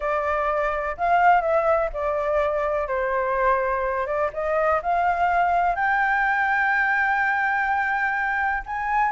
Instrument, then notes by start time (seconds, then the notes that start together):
flute
0.00 D5
0.97 F5
1.41 E5
1.93 D5
2.87 C5
4.06 D5
4.33 D#5
4.82 F5
5.75 G5
8.65 G#5